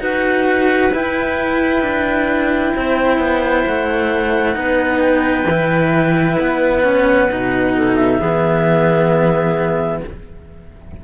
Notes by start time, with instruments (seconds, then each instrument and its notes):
0.00 cello D#4 F#4, clarinet B4 F#5
0.92 cello E4, clarinet G5
1.82 cello D4
2.76 cello C4, clarinet C5
3.18 cello B3
3.66 cello A3, clarinet F#5
4.53 cello B3 D#4, clarinet B4
5.00 clarinet G5
5.46 cello E3 E4
6.39 cello B3, clarinet F#5
6.84 cello C#4
7.31 cello B2 D#4
7.75 clarinet A4
7.95 clarinet E5
8.19 cello E3 B3, clarinet G#4